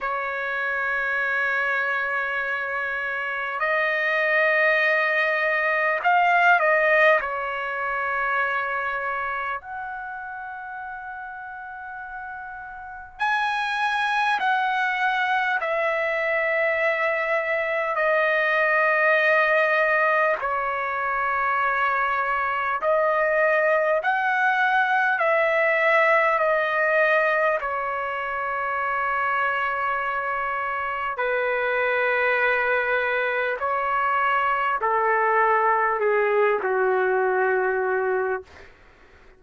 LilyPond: \new Staff \with { instrumentName = "trumpet" } { \time 4/4 \tempo 4 = 50 cis''2. dis''4~ | dis''4 f''8 dis''8 cis''2 | fis''2. gis''4 | fis''4 e''2 dis''4~ |
dis''4 cis''2 dis''4 | fis''4 e''4 dis''4 cis''4~ | cis''2 b'2 | cis''4 a'4 gis'8 fis'4. | }